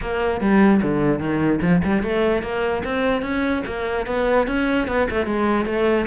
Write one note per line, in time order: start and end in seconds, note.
0.01 0.40 A#3
0.40 0.81 G3
0.82 1.19 D3
1.19 1.59 D#3
1.61 1.82 F3
1.84 2.03 G3
2.03 2.42 A3
2.42 2.83 A#3
2.84 3.22 C4
3.22 3.62 C#4
3.66 4.06 A#3
4.06 4.47 B3
4.47 4.87 C#4
4.87 5.08 B3
5.10 5.26 A3
5.26 5.65 G#3
5.65 6.06 A3